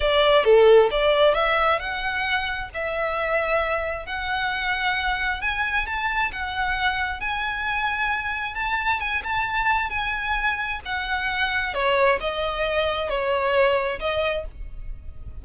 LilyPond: \new Staff \with { instrumentName = "violin" } { \time 4/4 \tempo 4 = 133 d''4 a'4 d''4 e''4 | fis''2 e''2~ | e''4 fis''2. | gis''4 a''4 fis''2 |
gis''2. a''4 | gis''8 a''4. gis''2 | fis''2 cis''4 dis''4~ | dis''4 cis''2 dis''4 | }